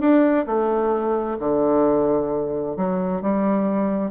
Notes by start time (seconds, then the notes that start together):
0.00 D4
0.46 A3
1.39 D3
2.76 F#3
3.22 G3